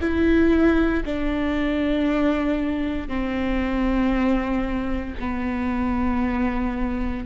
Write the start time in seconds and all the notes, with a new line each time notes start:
0.00 E4
1.05 D4
3.08 C4
5.19 B3